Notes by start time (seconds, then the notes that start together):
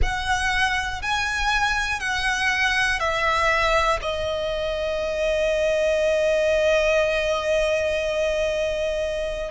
0.02 F#5
1.02 G#5
2.00 F#5
3.00 E5
4.01 D#5